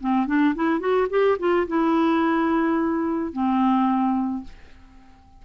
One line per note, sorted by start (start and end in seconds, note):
0.00 0.26 C4
0.26 0.54 D4
0.55 0.80 E4
0.80 1.07 F#4
1.10 1.37 G4
1.39 1.67 F4
1.67 3.32 E4
3.32 4.43 C4